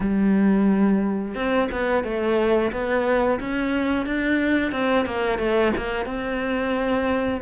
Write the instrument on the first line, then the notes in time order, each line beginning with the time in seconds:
cello
0.00 G3
1.35 C4
1.71 B3
2.04 A3
2.72 B3
3.40 C#4
4.06 D4
4.71 C4
5.05 A#3
5.38 A3
5.76 A#3
6.05 C4